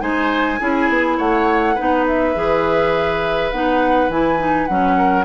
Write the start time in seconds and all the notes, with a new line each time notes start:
0.00 G#3 D#4 C5 G#5
0.60 C#4 E4 G#4
0.89 B3
1.18 A3 C#5 F#5
1.75 B3 D#4 B4
2.08 E5
2.35 E3 G#4
3.52 B3 D#4 F#5
4.09 E3 E4 G#5
4.39 D#4
4.67 F#3 C#4 F#5
4.97 A#4